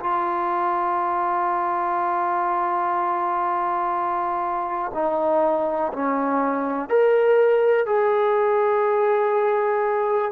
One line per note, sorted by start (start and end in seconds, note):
0.00 4.92 F4
4.94 5.92 D#4
5.93 6.89 C#4
6.89 7.86 A#4
7.86 10.32 G#4